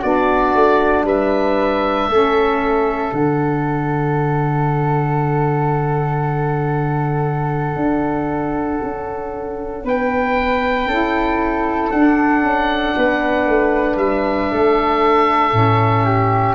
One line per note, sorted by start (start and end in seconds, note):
0.00 0.55 B3
0.00 2.11 D4
0.00 1.03 F#4
0.00 1.06 D5
0.55 1.04 A3
1.04 2.07 G3
1.04 2.09 B4
1.04 3.15 E5
2.09 3.12 A3
2.09 3.13 C#4
2.09 9.85 A4
3.13 7.76 D3
3.13 10.89 D4
3.13 9.87 F#5
7.76 8.80 D4
8.83 9.84 C#4
9.84 10.86 B3
9.84 10.88 B4
9.84 11.91 G5
10.86 11.90 C#4
10.86 11.92 E4
10.86 12.95 A4
11.91 12.43 D4
11.91 15.53 D4
11.91 13.98 F#5
12.43 12.95 C#4
12.97 13.47 B3
12.97 14.52 B4
13.47 13.97 A3
13.97 14.48 G3
13.97 16.56 E5
14.52 15.53 A3
14.52 16.05 A4
15.53 16.56 A2
15.53 16.56 C#4
16.05 16.56 G4